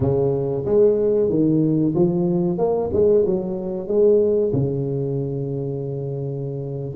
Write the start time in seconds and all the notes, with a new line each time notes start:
0.00 C#3
0.65 G#3
1.29 D#3
1.94 F3
2.57 A#3
2.92 G#3
3.26 F#3
3.87 G#3
4.52 C#3